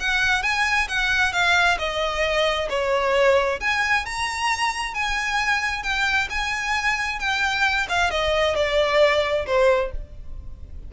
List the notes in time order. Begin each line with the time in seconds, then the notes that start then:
0.00 F#5
0.43 G#5
0.88 F#5
1.33 F5
1.79 D#5
2.70 C#5
3.60 G#5
4.06 A#5
4.94 G#5
5.83 G5
6.30 G#5
7.20 G5
7.89 F5
8.11 D#5
8.56 D5
9.47 C5